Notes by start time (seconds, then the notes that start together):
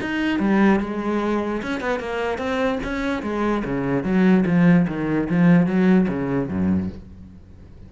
0.00 D#4
0.39 G3
0.80 G#3
1.62 C#4
1.80 B3
1.99 A#3
2.38 C4
2.83 C#4
3.22 G#3
3.64 C#3
4.04 F#3
4.46 F3
4.87 D#3
5.29 F3
5.66 F#3
6.08 C#3
6.49 F#2